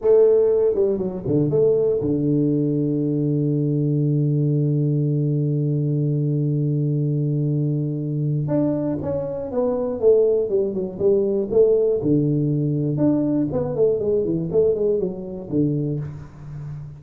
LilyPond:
\new Staff \with { instrumentName = "tuba" } { \time 4/4 \tempo 4 = 120 a4. g8 fis8 d8 a4 | d1~ | d1~ | d1~ |
d4 d'4 cis'4 b4 | a4 g8 fis8 g4 a4 | d2 d'4 b8 a8 | gis8 e8 a8 gis8 fis4 d4 | }